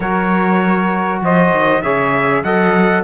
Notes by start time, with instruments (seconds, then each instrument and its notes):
0.00 cello F#3, trombone F#4, saxophone A#4, trumpet C#5
1.21 cello F3, saxophone C5, trumpet D#5
1.52 cello D#3
1.82 cello C#3, trombone G#4, saxophone C#5, trumpet E5
2.43 cello F#3, trombone A4, saxophone D#5, trumpet F#5